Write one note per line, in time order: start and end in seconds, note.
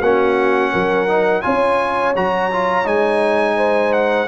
0.00 0.73 A#3
0.00 1.08 C#4
0.00 0.71 F#4
0.00 1.42 F#5
0.73 1.46 F#3
0.73 1.44 A#4
1.08 1.43 D#4
1.42 2.16 C#4
1.42 2.14 F4
1.42 3.57 C#5
1.42 2.14 G#5
2.16 2.86 F#3
2.16 2.52 F#4
2.16 2.88 A#5
2.53 2.85 F4
2.85 4.28 G#3
2.85 4.28 D#4
2.85 3.93 G#5
3.57 4.28 C5
3.93 4.28 F#5